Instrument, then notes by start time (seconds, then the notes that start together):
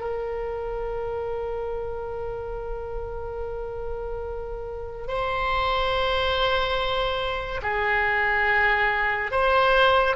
oboe
0.00 A#4
5.07 C5
7.62 G#4
9.31 C5